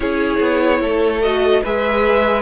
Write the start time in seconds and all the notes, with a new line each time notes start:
0.00 C#4 E4 G#4 C#5
0.39 B3
0.80 A3 A4
1.21 F#4 D#5
1.62 G#3 G#4 B4 E5